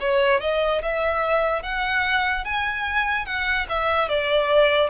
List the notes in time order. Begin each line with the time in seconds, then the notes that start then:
0.00 C#5
0.40 D#5
0.82 E5
1.63 F#5
2.44 G#5
3.25 F#5
3.69 E5
4.08 D5